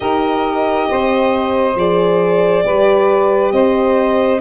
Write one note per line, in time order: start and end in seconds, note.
0.00 0.89 D#4
0.00 1.75 G4
0.00 0.89 A#4
0.00 1.76 D#5
0.89 1.75 C4
0.89 2.64 C5
1.75 2.63 F3
1.75 2.63 G#4
1.75 3.52 D5
2.63 3.52 G3
2.63 4.40 G4
2.63 3.53 B4
3.52 4.40 C4
3.52 4.40 C5
3.52 4.40 D#5